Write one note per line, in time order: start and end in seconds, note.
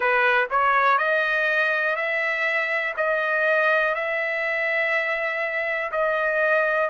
0.00 0.47 B4
0.50 0.97 C#5
0.97 1.96 D#5
1.96 2.94 E5
2.96 3.94 D#5
3.94 5.91 E5
5.91 6.89 D#5